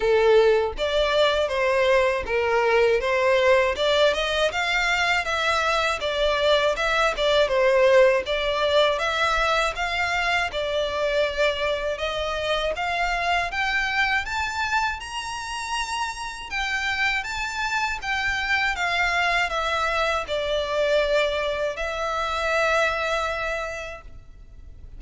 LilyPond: \new Staff \with { instrumentName = "violin" } { \time 4/4 \tempo 4 = 80 a'4 d''4 c''4 ais'4 | c''4 d''8 dis''8 f''4 e''4 | d''4 e''8 d''8 c''4 d''4 | e''4 f''4 d''2 |
dis''4 f''4 g''4 a''4 | ais''2 g''4 a''4 | g''4 f''4 e''4 d''4~ | d''4 e''2. | }